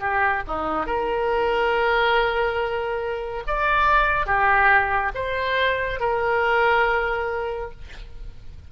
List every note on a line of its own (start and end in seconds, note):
0.00 0.43 G4
0.48 0.86 D#4
0.86 3.43 A#4
3.47 4.26 D5
4.26 5.12 G4
5.15 6.00 C5
6.00 7.71 A#4